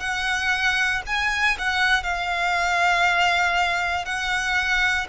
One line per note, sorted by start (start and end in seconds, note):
0.00 1.02 F#5
1.06 1.57 G#5
1.58 2.03 F#5
2.03 4.05 F5
4.05 5.07 F#5